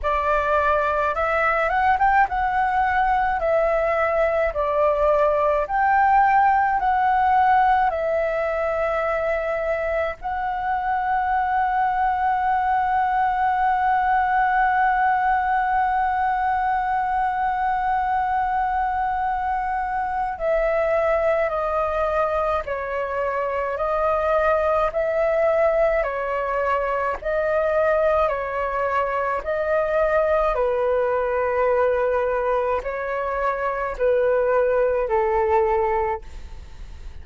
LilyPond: \new Staff \with { instrumentName = "flute" } { \time 4/4 \tempo 4 = 53 d''4 e''8 fis''16 g''16 fis''4 e''4 | d''4 g''4 fis''4 e''4~ | e''4 fis''2.~ | fis''1~ |
fis''2 e''4 dis''4 | cis''4 dis''4 e''4 cis''4 | dis''4 cis''4 dis''4 b'4~ | b'4 cis''4 b'4 a'4 | }